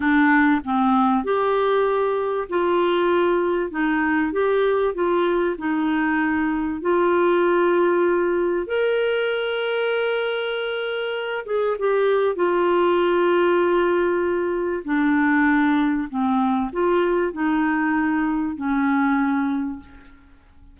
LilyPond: \new Staff \with { instrumentName = "clarinet" } { \time 4/4 \tempo 4 = 97 d'4 c'4 g'2 | f'2 dis'4 g'4 | f'4 dis'2 f'4~ | f'2 ais'2~ |
ais'2~ ais'8 gis'8 g'4 | f'1 | d'2 c'4 f'4 | dis'2 cis'2 | }